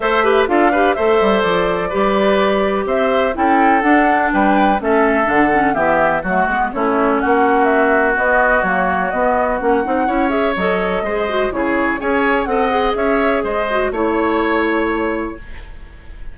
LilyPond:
<<
  \new Staff \with { instrumentName = "flute" } { \time 4/4 \tempo 4 = 125 e''4 f''4 e''4 d''4~ | d''2 e''4 g''4 | fis''4 g''4 e''4 fis''4 | e''4 fis''4 cis''4 fis''4 |
e''4 dis''4 cis''4 dis''4 | fis''4. e''8 dis''2 | cis''4 gis''4 fis''4 e''4 | dis''4 cis''2. | }
  \new Staff \with { instrumentName = "oboe" } { \time 4/4 c''8 b'8 a'8 b'8 c''2 | b'2 c''4 a'4~ | a'4 b'4 a'2 | g'4 fis'4 e'4 fis'4~ |
fis'1~ | fis'4 cis''2 c''4 | gis'4 cis''4 dis''4 cis''4 | c''4 cis''2. | }
  \new Staff \with { instrumentName = "clarinet" } { \time 4/4 a'8 g'8 f'8 g'8 a'2 | g'2. e'4 | d'2 cis'4 d'8 cis'8 | b4 a8 b8 cis'2~ |
cis'4 b4 ais4 b4 | cis'8 dis'8 e'8 gis'8 a'4 gis'8 fis'8 | e'4 gis'4 a'8 gis'4.~ | gis'8 fis'8 e'2. | }
  \new Staff \with { instrumentName = "bassoon" } { \time 4/4 a4 d'4 a8 g8 f4 | g2 c'4 cis'4 | d'4 g4 a4 d4 | e4 fis8 gis8 a4 ais4~ |
ais4 b4 fis4 b4 | ais8 c'8 cis'4 fis4 gis4 | cis4 cis'4 c'4 cis'4 | gis4 a2. | }
>>